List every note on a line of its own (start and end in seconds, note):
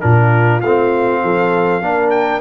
0.00 0.62 A#2
0.00 0.61 D4
0.00 1.22 F4
0.00 0.60 A#4
0.61 1.22 A3
0.61 1.82 C4
0.61 2.10 F5
1.22 1.81 F3
1.22 1.82 A4
1.81 2.40 A#3
1.81 2.40 D4
1.81 2.40 A#4
2.10 2.40 G5